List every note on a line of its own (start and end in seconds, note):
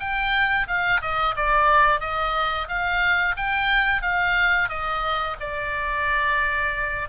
0.00 0.67 G5
0.68 1.01 F5
1.02 1.36 D#5
1.37 2.01 D5
2.01 2.68 D#5
2.68 3.36 F5
3.37 4.02 G5
4.02 4.69 F5
4.69 5.37 D#5
5.41 7.09 D5